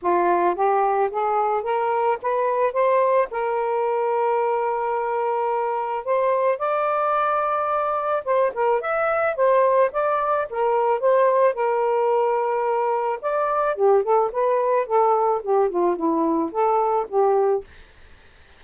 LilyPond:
\new Staff \with { instrumentName = "saxophone" } { \time 4/4 \tempo 4 = 109 f'4 g'4 gis'4 ais'4 | b'4 c''4 ais'2~ | ais'2. c''4 | d''2. c''8 ais'8 |
e''4 c''4 d''4 ais'4 | c''4 ais'2. | d''4 g'8 a'8 b'4 a'4 | g'8 f'8 e'4 a'4 g'4 | }